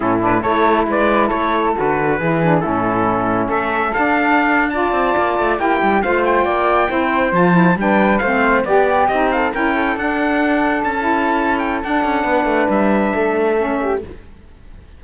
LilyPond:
<<
  \new Staff \with { instrumentName = "trumpet" } { \time 4/4 \tempo 4 = 137 a'8 b'8 cis''4 d''4 cis''4 | b'2 a'2 | e''4 f''4.~ f''16 a''4~ a''16~ | a''8. g''4 f''8 g''4.~ g''16~ |
g''8. a''4 g''4 f''4 d''16~ | d''8. dis''8 f''8 g''4 fis''4~ fis''16~ | fis''8. a''4.~ a''16 g''8 fis''4~ | fis''4 e''2. | }
  \new Staff \with { instrumentName = "flute" } { \time 4/4 e'4 a'4 b'4 a'4~ | a'4 gis'4 e'2 | a'2~ a'8. d''4~ d''16~ | d''8. g'4 c''4 d''4 c''16~ |
c''4.~ c''16 b'4 c''4 g'16~ | g'4~ g'16 a'8 ais'8 a'4.~ a'16~ | a'1 | b'2 a'4. g'8 | }
  \new Staff \with { instrumentName = "saxophone" } { \time 4/4 cis'8 d'8 e'2. | fis'4 e'8 d'8 cis'2~ | cis'4 d'4.~ d'16 f'4~ f'16~ | f'8. e'4 f'2 e'16~ |
e'8. f'8 e'8 d'4 c'4 g'16~ | g'8. dis'4 e'4 d'4~ d'16~ | d'4 e'2 d'4~ | d'2. cis'4 | }
  \new Staff \with { instrumentName = "cello" } { \time 4/4 a,4 a4 gis4 a4 | d4 e4 a,2 | a4 d'2~ d'16 c'8 ais16~ | ais16 a8 ais8 g8 a4 ais4 c'16~ |
c'8. f4 g4 a4 b16~ | b8. c'4 cis'4 d'4~ d'16~ | d'8. cis'2~ cis'16 d'8 cis'8 | b8 a8 g4 a2 | }
>>